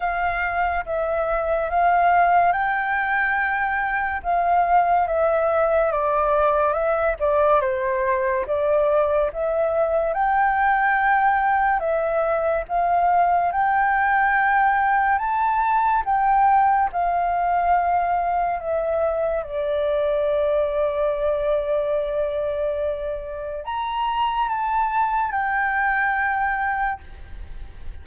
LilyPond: \new Staff \with { instrumentName = "flute" } { \time 4/4 \tempo 4 = 71 f''4 e''4 f''4 g''4~ | g''4 f''4 e''4 d''4 | e''8 d''8 c''4 d''4 e''4 | g''2 e''4 f''4 |
g''2 a''4 g''4 | f''2 e''4 d''4~ | d''1 | ais''4 a''4 g''2 | }